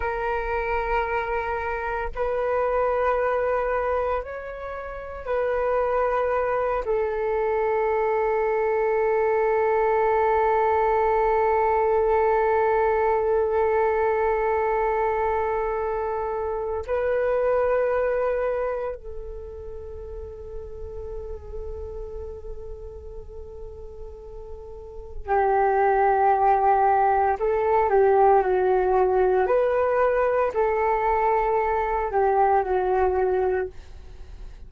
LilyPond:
\new Staff \with { instrumentName = "flute" } { \time 4/4 \tempo 4 = 57 ais'2 b'2 | cis''4 b'4. a'4.~ | a'1~ | a'1 |
b'2 a'2~ | a'1 | g'2 a'8 g'8 fis'4 | b'4 a'4. g'8 fis'4 | }